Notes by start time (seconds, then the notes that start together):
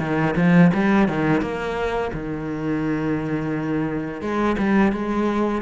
0.00 D#3
0.36 F3
0.74 G3
1.08 D#3
1.42 A#3
2.14 D#3
4.22 G#3
4.59 G3
4.92 G#3